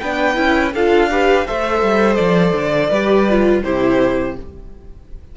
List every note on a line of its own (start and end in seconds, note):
0.00 0.38 B3
0.00 0.35 D4
0.00 0.74 B4
0.00 0.72 G5
0.35 0.74 C#4
0.35 0.71 E4
0.74 1.46 D4
0.74 1.11 F4
0.74 1.10 A4
0.74 1.47 F5
1.11 1.47 G4
1.11 1.47 B4
1.47 1.82 A3
1.47 2.92 A4
1.47 2.91 C5
1.47 2.15 E5
1.82 2.19 G3
2.15 2.53 F3
2.15 3.60 D5
2.53 2.89 D3
2.91 3.63 G3
2.91 3.29 G4
2.91 3.63 B4
3.29 3.65 F4
3.64 4.37 C3
3.64 4.37 E4
3.64 4.36 G4
3.64 4.36 C5